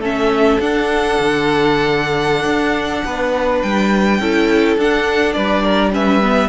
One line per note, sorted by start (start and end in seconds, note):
0.00 0.58 A3
0.00 0.60 C#4
0.00 3.03 A4
0.00 0.60 E5
0.60 1.18 D4
0.60 4.21 D4
0.60 3.62 F#5
1.19 2.45 D3
2.45 3.03 D4
3.05 3.62 B3
3.05 4.20 B4
3.62 4.19 G3
3.62 4.77 G5
4.19 4.77 C#4
4.19 4.79 E4
4.19 5.36 A4
4.77 5.34 D4
4.77 5.92 D4
4.77 5.33 F#5
5.33 6.49 G3
5.33 5.63 B4
5.33 5.90 D5
5.63 5.92 A#4
5.92 6.21 C#4
5.92 6.49 B4
5.92 6.49 E5
6.22 6.49 B3